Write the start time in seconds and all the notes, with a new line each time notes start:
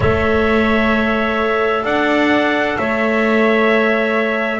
0.00 A3 A4 C#5 E5
1.84 D4 D5 F#5
2.77 A3 C#5 E5